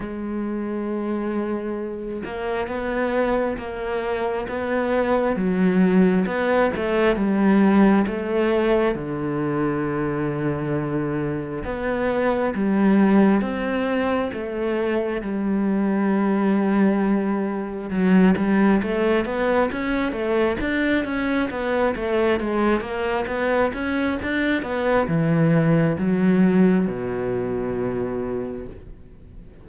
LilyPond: \new Staff \with { instrumentName = "cello" } { \time 4/4 \tempo 4 = 67 gis2~ gis8 ais8 b4 | ais4 b4 fis4 b8 a8 | g4 a4 d2~ | d4 b4 g4 c'4 |
a4 g2. | fis8 g8 a8 b8 cis'8 a8 d'8 cis'8 | b8 a8 gis8 ais8 b8 cis'8 d'8 b8 | e4 fis4 b,2 | }